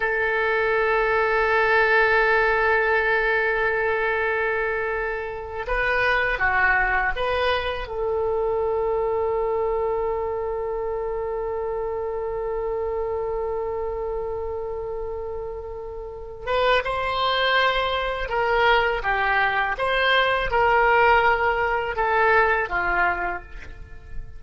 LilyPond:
\new Staff \with { instrumentName = "oboe" } { \time 4/4 \tempo 4 = 82 a'1~ | a'2.~ a'8. b'16~ | b'8. fis'4 b'4 a'4~ a'16~ | a'1~ |
a'1~ | a'2~ a'8 b'8 c''4~ | c''4 ais'4 g'4 c''4 | ais'2 a'4 f'4 | }